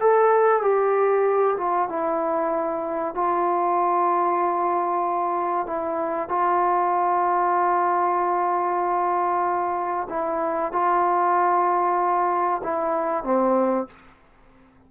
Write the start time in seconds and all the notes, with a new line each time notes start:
0.00 A4
0.62 G4
1.57 F4
1.89 E4
3.14 F4
5.67 E4
6.29 F4
10.09 E4
10.72 F4
12.63 E4
13.24 C4